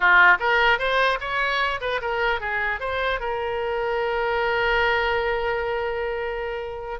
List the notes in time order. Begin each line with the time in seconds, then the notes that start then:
0.00 F4
0.39 A#4
0.78 C5
1.20 C#5
1.81 B4
2.01 A#4
2.40 G#4
2.80 C5
3.19 A#4